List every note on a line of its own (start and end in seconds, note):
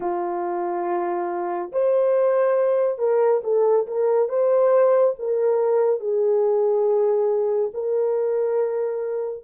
0.00 1.71 F4
1.71 2.98 C5
2.98 3.41 A#4
3.43 3.86 A4
3.86 4.29 A#4
4.29 5.14 C5
5.19 6.00 A#4
6.00 7.71 G#4
7.73 9.44 A#4